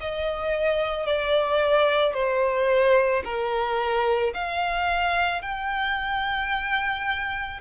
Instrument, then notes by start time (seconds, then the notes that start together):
violin
0.00 D#5
1.07 D5
2.14 C5
3.24 A#4
4.34 F5
5.42 G5